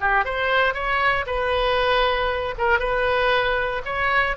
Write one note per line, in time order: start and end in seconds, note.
0.00 0.25 G4
0.25 0.74 C5
0.74 1.25 C#5
1.26 2.55 B4
2.58 2.79 A#4
2.79 3.82 B4
3.85 4.36 C#5